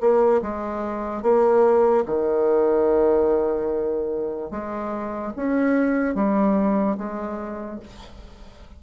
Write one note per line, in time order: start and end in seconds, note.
0.00 0.41 A#3
0.42 1.22 G#3
1.22 2.04 A#3
2.05 4.51 D#3
4.51 5.33 G#3
5.36 6.15 C#4
6.15 6.97 G3
6.98 7.80 G#3